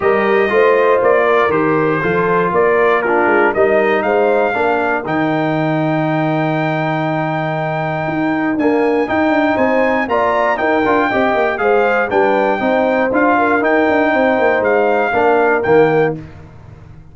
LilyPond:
<<
  \new Staff \with { instrumentName = "trumpet" } { \time 4/4 \tempo 4 = 119 dis''2 d''4 c''4~ | c''4 d''4 ais'4 dis''4 | f''2 g''2~ | g''1~ |
g''4 gis''4 g''4 gis''4 | ais''4 g''2 f''4 | g''2 f''4 g''4~ | g''4 f''2 g''4 | }
  \new Staff \with { instrumentName = "horn" } { \time 4/4 ais'4 c''4. ais'4. | a'4 ais'4 f'4 ais'4 | c''4 ais'2.~ | ais'1~ |
ais'2. c''4 | d''4 ais'4 dis''4 c''4 | b'4 c''4. ais'4. | c''2 ais'2 | }
  \new Staff \with { instrumentName = "trombone" } { \time 4/4 g'4 f'2 g'4 | f'2 d'4 dis'4~ | dis'4 d'4 dis'2~ | dis'1~ |
dis'4 ais4 dis'2 | f'4 dis'8 f'8 g'4 gis'4 | d'4 dis'4 f'4 dis'4~ | dis'2 d'4 ais4 | }
  \new Staff \with { instrumentName = "tuba" } { \time 4/4 g4 a4 ais4 dis4 | f4 ais4. gis8 g4 | gis4 ais4 dis2~ | dis1 |
dis'4 d'4 dis'8 d'8 c'4 | ais4 dis'8 d'8 c'8 ais8 gis4 | g4 c'4 d'4 dis'8 d'8 | c'8 ais8 gis4 ais4 dis4 | }
>>